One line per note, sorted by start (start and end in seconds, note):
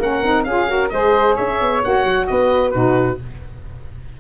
0.00 0.23 A#3
0.00 0.24 C#4
0.00 0.46 A#4
0.00 0.44 F#5
0.23 0.45 C4
0.23 0.47 D#4
0.44 0.91 C#4
0.44 0.67 F4
0.44 0.70 G#4
0.44 0.89 F5
0.67 0.90 F#4
0.67 0.93 A#4
0.90 1.38 G#3
0.90 1.83 G#4
0.90 1.35 C5
0.90 1.35 D#5
1.35 1.61 C#4
1.35 2.26 C#5
1.35 1.82 E5
1.61 1.84 B3
1.83 2.05 A#3
1.83 2.73 F#4
1.83 2.27 F#5
2.05 2.28 F#3
2.27 2.75 B3
2.27 2.73 B4
2.27 2.71 D#5
2.71 3.21 B2
2.71 3.18 D#4
2.71 3.18 F#4
2.71 3.16 B4